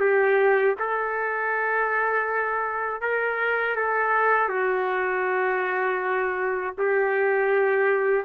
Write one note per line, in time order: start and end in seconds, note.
0.00 0.75 G4
0.79 3.01 A4
3.01 3.76 A#4
3.76 4.49 A4
4.49 6.74 F#4
6.78 8.25 G4